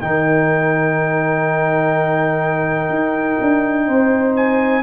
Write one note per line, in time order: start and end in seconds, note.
0.00 2.89 D#3
0.00 4.82 D#4
0.00 3.87 A#4
0.00 4.36 G5
2.89 3.37 D#4
3.40 3.88 D4
3.87 4.82 C4
3.87 4.82 C5
4.36 4.82 G#5